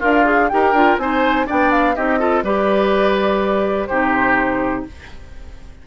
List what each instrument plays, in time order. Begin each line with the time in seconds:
0.00 bassoon D4, oboe F4, clarinet A#4, flute F5
0.25 clarinet G#4
0.49 bassoon D#4, clarinet G4, oboe A#4, flute G5
0.73 bassoon D4, clarinet F4
0.97 bassoon C4, clarinet D#4, oboe C5, flute G#5
1.46 bassoon B3, clarinet D4, oboe D5, flute G5
1.71 flute F5
1.95 bassoon C4, clarinet D#4, oboe G4, flute D#5
2.19 clarinet F4, oboe A4
2.43 bassoon G3, clarinet G4, oboe B4, flute D5
3.86 bassoon C3, clarinet D#4, oboe G4, flute C5